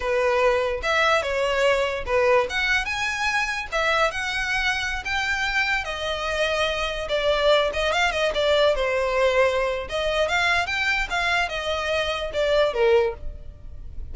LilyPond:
\new Staff \with { instrumentName = "violin" } { \time 4/4 \tempo 4 = 146 b'2 e''4 cis''4~ | cis''4 b'4 fis''4 gis''4~ | gis''4 e''4 fis''2~ | fis''16 g''2 dis''4.~ dis''16~ |
dis''4~ dis''16 d''4. dis''8 f''8 dis''16~ | dis''16 d''4 c''2~ c''8. | dis''4 f''4 g''4 f''4 | dis''2 d''4 ais'4 | }